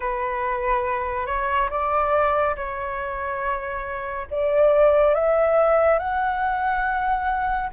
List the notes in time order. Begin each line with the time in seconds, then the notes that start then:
0.00 B4
1.26 C#5
1.69 D5
2.56 C#5
4.30 D5
5.14 E5
5.98 F#5